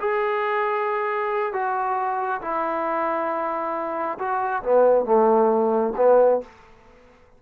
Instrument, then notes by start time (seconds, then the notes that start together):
trombone
0.00 G#4
1.53 F#4
2.41 E4
4.19 F#4
4.63 B3
5.05 A3
5.97 B3